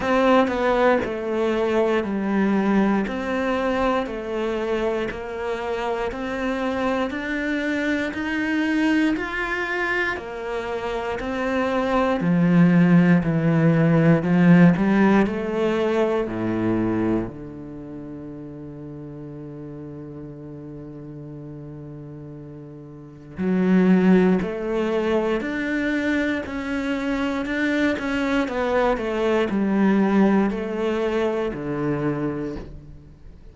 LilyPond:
\new Staff \with { instrumentName = "cello" } { \time 4/4 \tempo 4 = 59 c'8 b8 a4 g4 c'4 | a4 ais4 c'4 d'4 | dis'4 f'4 ais4 c'4 | f4 e4 f8 g8 a4 |
a,4 d2.~ | d2. fis4 | a4 d'4 cis'4 d'8 cis'8 | b8 a8 g4 a4 d4 | }